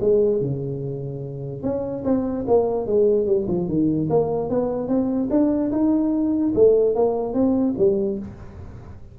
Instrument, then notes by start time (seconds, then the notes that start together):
tuba
0.00 G#3
0.40 C#3
1.63 C#4
2.04 C4
2.47 A#3
2.86 G#3
3.26 G3
3.47 F3
3.68 D#3
4.09 A#3
4.49 B3
4.88 C4
5.30 D4
5.71 D#4
6.55 A3
6.95 A#3
7.33 C4
7.78 G3